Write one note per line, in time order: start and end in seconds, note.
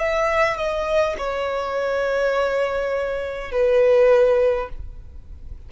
0.00 0.57 E5
0.57 1.16 D#5
1.18 3.52 C#5
3.52 4.70 B4